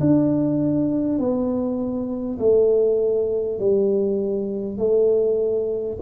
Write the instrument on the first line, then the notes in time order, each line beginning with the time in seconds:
tuba
0.00 D4
1.18 B3
2.39 A3
3.59 G3
4.78 A3